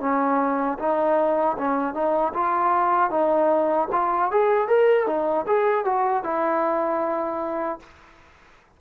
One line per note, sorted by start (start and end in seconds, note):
0.00 0.78 C#4
0.79 1.57 D#4
1.58 1.94 C#4
1.94 2.33 D#4
2.33 3.10 F4
3.10 3.88 D#4
3.92 4.31 F4
4.31 4.67 G#4
4.67 5.06 A#4
5.06 5.45 D#4
5.46 5.84 G#4
5.84 6.23 F#4
6.23 7.79 E4